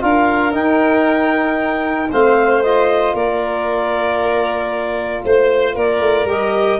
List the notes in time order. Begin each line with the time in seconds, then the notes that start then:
0.00 D4 F4 A#4 F5
0.52 D#4 G5
2.11 A3 C4 C5 F5
2.63 F4 D#5
3.14 A#3 A#4 D5
5.24 A3 C5
5.75 A#3 A#4 D5
6.00 A3
6.25 G3 G4 D#5